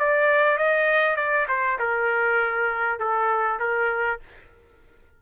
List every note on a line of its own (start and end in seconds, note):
0.00 0.58 D5
0.58 1.17 D#5
1.17 1.47 D5
1.49 1.79 C5
1.80 3.00 A#4
3.00 3.60 A4
3.60 4.20 A#4